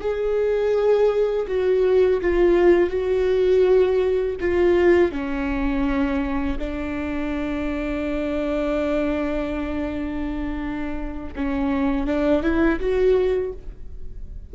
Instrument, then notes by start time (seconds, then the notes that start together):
viola
0.00 G#4
1.48 F#4
2.22 F4
2.90 F#4
4.41 F4
5.12 C#4
6.59 D4
11.35 C#4
12.07 D4
12.43 E4
12.80 F#4